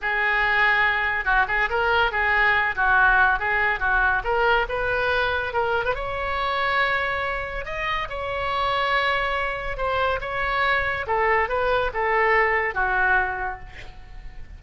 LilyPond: \new Staff \with { instrumentName = "oboe" } { \time 4/4 \tempo 4 = 141 gis'2. fis'8 gis'8 | ais'4 gis'4. fis'4. | gis'4 fis'4 ais'4 b'4~ | b'4 ais'8. b'16 cis''2~ |
cis''2 dis''4 cis''4~ | cis''2. c''4 | cis''2 a'4 b'4 | a'2 fis'2 | }